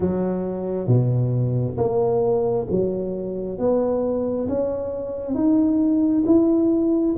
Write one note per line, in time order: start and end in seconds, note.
0.00 0.87 F#3
0.87 1.77 B2
1.77 2.66 A#3
2.70 3.58 F#3
3.58 4.48 B3
4.48 5.34 C#4
5.34 6.24 D#4
6.26 7.15 E4